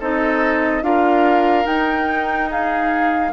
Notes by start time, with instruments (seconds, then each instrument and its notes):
0.00 bassoon C4, clarinet D#4, oboe A4, flute D#5
0.82 bassoon D4, clarinet F4, oboe A#4, flute F5
1.64 clarinet D#4, bassoon D#4, flute G5
2.51 oboe G#4, flute F5